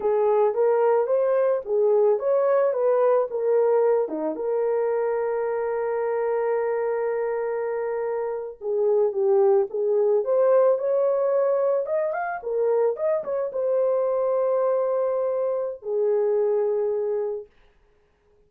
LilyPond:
\new Staff \with { instrumentName = "horn" } { \time 4/4 \tempo 4 = 110 gis'4 ais'4 c''4 gis'4 | cis''4 b'4 ais'4. dis'8 | ais'1~ | ais'2.~ ais'8. gis'16~ |
gis'8. g'4 gis'4 c''4 cis''16~ | cis''4.~ cis''16 dis''8 f''8 ais'4 dis''16~ | dis''16 cis''8 c''2.~ c''16~ | c''4 gis'2. | }